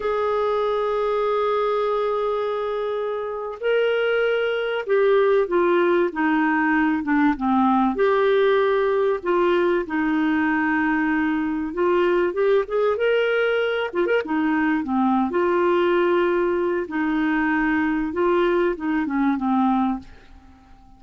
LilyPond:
\new Staff \with { instrumentName = "clarinet" } { \time 4/4 \tempo 4 = 96 gis'1~ | gis'4.~ gis'16 ais'2 g'16~ | g'8. f'4 dis'4. d'8 c'16~ | c'8. g'2 f'4 dis'16~ |
dis'2~ dis'8. f'4 g'16~ | g'16 gis'8 ais'4. f'16 ais'16 dis'4 c'16~ | c'8 f'2~ f'8 dis'4~ | dis'4 f'4 dis'8 cis'8 c'4 | }